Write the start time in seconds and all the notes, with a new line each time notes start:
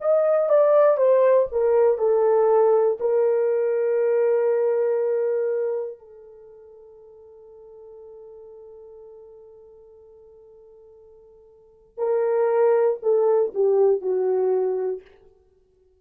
0.00 D#5
0.49 D5
0.97 C5
1.51 A#4
1.98 A4
3.00 A#4
5.98 A4
11.97 A#4
13.02 A4
13.54 G4
14.00 F#4